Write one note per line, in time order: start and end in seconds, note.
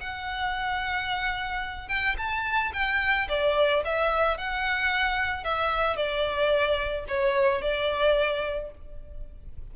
0.00 1.88 F#5
1.88 2.15 G5
2.17 2.72 A5
2.73 3.28 G5
3.29 3.83 D5
3.84 4.37 E5
4.37 5.44 F#5
5.44 5.96 E5
5.96 7.05 D5
7.08 7.61 C#5
7.61 8.70 D5